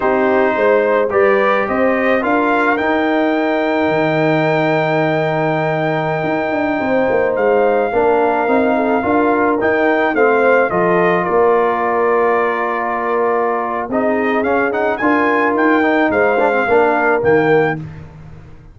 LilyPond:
<<
  \new Staff \with { instrumentName = "trumpet" } { \time 4/4 \tempo 4 = 108 c''2 d''4 dis''4 | f''4 g''2.~ | g''1~ | g''4~ g''16 f''2~ f''8.~ |
f''4~ f''16 g''4 f''4 dis''8.~ | dis''16 d''2.~ d''8.~ | d''4 dis''4 f''8 fis''8 gis''4 | g''4 f''2 g''4 | }
  \new Staff \with { instrumentName = "horn" } { \time 4/4 g'4 c''4 b'4 c''4 | ais'1~ | ais'1~ | ais'16 c''2 ais'4. a'16~ |
a'16 ais'2 c''4 a'8.~ | a'16 ais'2.~ ais'8.~ | ais'4 gis'2 ais'4~ | ais'4 c''4 ais'2 | }
  \new Staff \with { instrumentName = "trombone" } { \time 4/4 dis'2 g'2 | f'4 dis'2.~ | dis'1~ | dis'2~ dis'16 d'4 dis'8.~ |
dis'16 f'4 dis'4 c'4 f'8.~ | f'1~ | f'4 dis'4 cis'8 dis'8 f'4~ | f'8 dis'4 d'16 c'16 d'4 ais4 | }
  \new Staff \with { instrumentName = "tuba" } { \time 4/4 c'4 gis4 g4 c'4 | d'4 dis'2 dis4~ | dis2.~ dis16 dis'8 d'16~ | d'16 c'8 ais8 gis4 ais4 c'8.~ |
c'16 d'4 dis'4 a4 f8.~ | f16 ais2.~ ais8.~ | ais4 c'4 cis'4 d'4 | dis'4 gis4 ais4 dis4 | }
>>